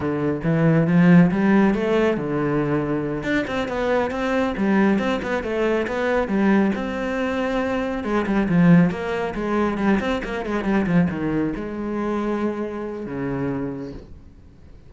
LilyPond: \new Staff \with { instrumentName = "cello" } { \time 4/4 \tempo 4 = 138 d4 e4 f4 g4 | a4 d2~ d8 d'8 | c'8 b4 c'4 g4 c'8 | b8 a4 b4 g4 c'8~ |
c'2~ c'8 gis8 g8 f8~ | f8 ais4 gis4 g8 c'8 ais8 | gis8 g8 f8 dis4 gis4.~ | gis2 cis2 | }